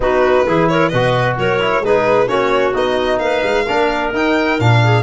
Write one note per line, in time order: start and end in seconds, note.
0.00 0.46 B3
0.00 0.46 D#4
0.00 0.45 F#4
0.00 0.68 B4
0.45 0.92 E3
0.45 0.92 E4
0.45 0.68 G#4
0.68 0.90 A#4
0.68 0.88 C#5
0.88 1.37 B2
0.88 1.60 F#4
0.88 1.36 B4
0.88 1.34 D#5
1.37 1.79 F#3
1.37 1.83 A#4
1.37 1.84 C#5
1.60 1.82 E4
1.79 2.25 G#3
1.79 2.27 D#4
1.79 2.27 G#4
1.79 2.28 B4
2.27 2.73 A#3
2.27 2.73 C#4
2.27 3.18 F#4
2.27 2.73 C#5
2.74 3.19 B3
2.74 3.66 D#4
2.74 3.19 D#5
3.19 3.42 A#3
3.19 3.65 B4
3.19 4.10 F5
3.43 3.65 G#3
3.65 4.12 A#3
3.65 4.13 D4
3.65 4.79 A#4
4.12 4.58 D#4
4.12 4.59 D#4
4.12 4.60 G5
4.59 5.03 A#2
4.59 5.03 D4
4.59 5.03 F5
4.83 5.03 G#4